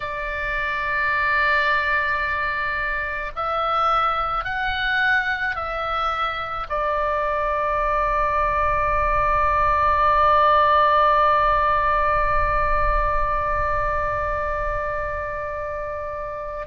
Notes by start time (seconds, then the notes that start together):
0.00 D5
3.35 E5
4.44 F#5
5.55 E5
6.69 D5